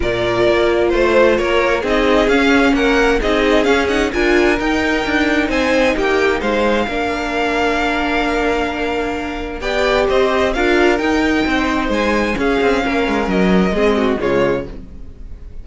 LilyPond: <<
  \new Staff \with { instrumentName = "violin" } { \time 4/4 \tempo 4 = 131 d''2 c''4 cis''4 | dis''4 f''4 fis''4 dis''4 | f''8 fis''8 gis''4 g''2 | gis''4 g''4 f''2~ |
f''1~ | f''4 g''4 dis''4 f''4 | g''2 gis''4 f''4~ | f''4 dis''2 cis''4 | }
  \new Staff \with { instrumentName = "violin" } { \time 4/4 ais'2 c''4 ais'4 | gis'2 ais'4 gis'4~ | gis'4 ais'2. | c''4 g'4 c''4 ais'4~ |
ais'1~ | ais'4 d''4 c''4 ais'4~ | ais'4 c''2 gis'4 | ais'2 gis'8 fis'8 f'4 | }
  \new Staff \with { instrumentName = "viola" } { \time 4/4 f'1 | dis'4 cis'2 dis'4 | cis'8 dis'8 f'4 dis'2~ | dis'2. d'4~ |
d'1~ | d'4 g'2 f'4 | dis'2. cis'4~ | cis'2 c'4 gis4 | }
  \new Staff \with { instrumentName = "cello" } { \time 4/4 ais,4 ais4 a4 ais4 | c'4 cis'4 ais4 c'4 | cis'4 d'4 dis'4 d'4 | c'4 ais4 gis4 ais4~ |
ais1~ | ais4 b4 c'4 d'4 | dis'4 c'4 gis4 cis'8 c'8 | ais8 gis8 fis4 gis4 cis4 | }
>>